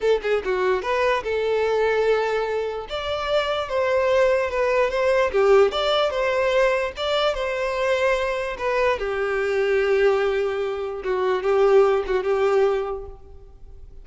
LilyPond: \new Staff \with { instrumentName = "violin" } { \time 4/4 \tempo 4 = 147 a'8 gis'8 fis'4 b'4 a'4~ | a'2. d''4~ | d''4 c''2 b'4 | c''4 g'4 d''4 c''4~ |
c''4 d''4 c''2~ | c''4 b'4 g'2~ | g'2. fis'4 | g'4. fis'8 g'2 | }